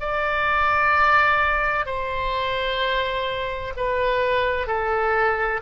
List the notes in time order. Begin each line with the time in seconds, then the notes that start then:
0.00 D5
1.86 C5
3.77 B4
4.67 A4